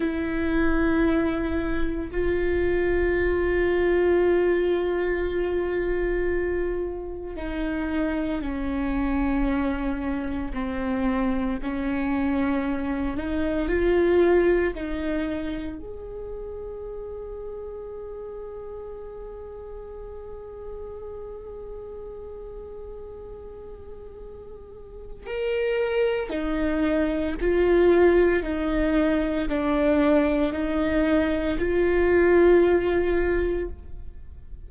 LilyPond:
\new Staff \with { instrumentName = "viola" } { \time 4/4 \tempo 4 = 57 e'2 f'2~ | f'2. dis'4 | cis'2 c'4 cis'4~ | cis'8 dis'8 f'4 dis'4 gis'4~ |
gis'1~ | gis'1 | ais'4 dis'4 f'4 dis'4 | d'4 dis'4 f'2 | }